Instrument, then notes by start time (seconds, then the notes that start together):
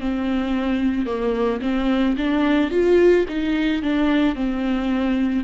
viola
0.00 C4
1.06 A#3
1.62 C4
2.18 D4
2.71 F4
3.28 D#4
3.83 D4
4.35 C4